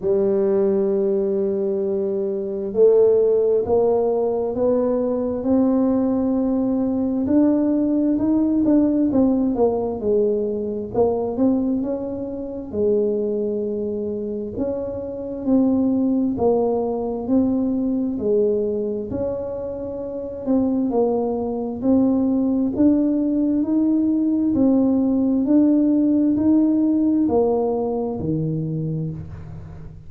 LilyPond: \new Staff \with { instrumentName = "tuba" } { \time 4/4 \tempo 4 = 66 g2. a4 | ais4 b4 c'2 | d'4 dis'8 d'8 c'8 ais8 gis4 | ais8 c'8 cis'4 gis2 |
cis'4 c'4 ais4 c'4 | gis4 cis'4. c'8 ais4 | c'4 d'4 dis'4 c'4 | d'4 dis'4 ais4 dis4 | }